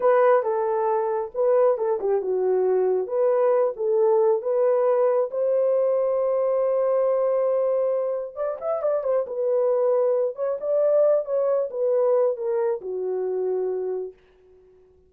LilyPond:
\new Staff \with { instrumentName = "horn" } { \time 4/4 \tempo 4 = 136 b'4 a'2 b'4 | a'8 g'8 fis'2 b'4~ | b'8 a'4. b'2 | c''1~ |
c''2. d''8 e''8 | d''8 c''8 b'2~ b'8 cis''8 | d''4. cis''4 b'4. | ais'4 fis'2. | }